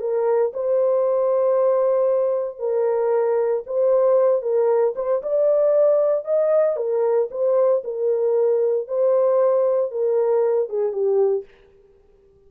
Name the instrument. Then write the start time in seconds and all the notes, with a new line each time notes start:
horn
0.00 A#4
0.53 C5
2.59 A#4
3.66 C5
4.42 A#4
4.96 C5
5.22 D5
6.25 D#5
6.76 A#4
7.31 C5
7.84 A#4
8.88 C5
9.91 A#4
10.69 G#4
10.92 G4